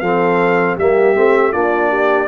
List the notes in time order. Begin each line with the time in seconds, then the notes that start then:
0.00 F3 C4 A4 F5
0.76 G3 A#3 G4 E5
1.15 A3 C4
1.51 A#3 D4 F4 D5
1.89 G4